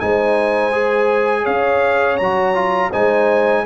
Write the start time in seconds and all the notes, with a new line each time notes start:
0.00 G#3 D#4 C5 G#5
0.72 G#4
1.43 C#4 C#5 F5
2.17 F#3 F#4 A#5
2.55 F4
2.91 G#3 D#4 C5 G#5